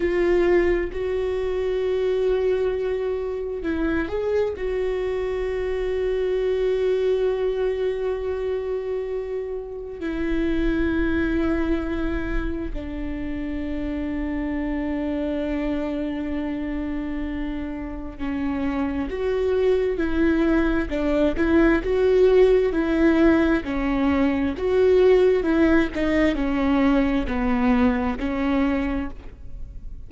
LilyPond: \new Staff \with { instrumentName = "viola" } { \time 4/4 \tempo 4 = 66 f'4 fis'2. | e'8 gis'8 fis'2.~ | fis'2. e'4~ | e'2 d'2~ |
d'1 | cis'4 fis'4 e'4 d'8 e'8 | fis'4 e'4 cis'4 fis'4 | e'8 dis'8 cis'4 b4 cis'4 | }